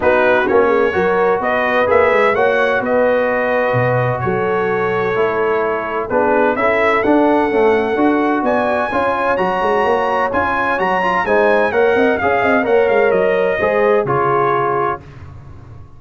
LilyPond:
<<
  \new Staff \with { instrumentName = "trumpet" } { \time 4/4 \tempo 4 = 128 b'4 cis''2 dis''4 | e''4 fis''4 dis''2~ | dis''4 cis''2.~ | cis''4 b'4 e''4 fis''4~ |
fis''2 gis''2 | ais''2 gis''4 ais''4 | gis''4 fis''4 f''4 fis''8 f''8 | dis''2 cis''2 | }
  \new Staff \with { instrumentName = "horn" } { \time 4/4 fis'4. gis'8 ais'4 b'4~ | b'4 cis''4 b'2~ | b'4 a'2.~ | a'4 gis'4 a'2~ |
a'2 d''4 cis''4~ | cis''1 | c''4 cis''8 dis''8 f''8 dis''8 cis''4~ | cis''4 c''4 gis'2 | }
  \new Staff \with { instrumentName = "trombone" } { \time 4/4 dis'4 cis'4 fis'2 | gis'4 fis'2.~ | fis'2. e'4~ | e'4 d'4 e'4 d'4 |
a4 fis'2 f'4 | fis'2 f'4 fis'8 f'8 | dis'4 ais'4 gis'4 ais'4~ | ais'4 gis'4 f'2 | }
  \new Staff \with { instrumentName = "tuba" } { \time 4/4 b4 ais4 fis4 b4 | ais8 gis8 ais4 b2 | b,4 fis2 a4~ | a4 b4 cis'4 d'4 |
cis'4 d'4 b4 cis'4 | fis8 gis8 ais4 cis'4 fis4 | gis4 ais8 c'8 cis'8 c'8 ais8 gis8 | fis4 gis4 cis2 | }
>>